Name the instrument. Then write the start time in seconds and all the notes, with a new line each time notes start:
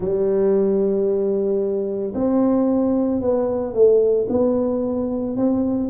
tuba
0.00 G3
2.14 C4
3.21 B3
3.73 A3
4.29 B3
5.36 C4